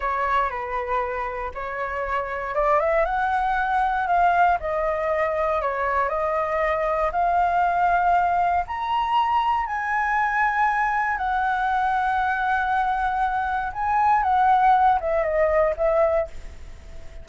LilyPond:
\new Staff \with { instrumentName = "flute" } { \time 4/4 \tempo 4 = 118 cis''4 b'2 cis''4~ | cis''4 d''8 e''8 fis''2 | f''4 dis''2 cis''4 | dis''2 f''2~ |
f''4 ais''2 gis''4~ | gis''2 fis''2~ | fis''2. gis''4 | fis''4. e''8 dis''4 e''4 | }